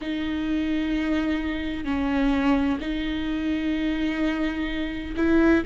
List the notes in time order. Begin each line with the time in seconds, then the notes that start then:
0.01 D#4
1.85 C#4
2.80 D#4
5.16 E4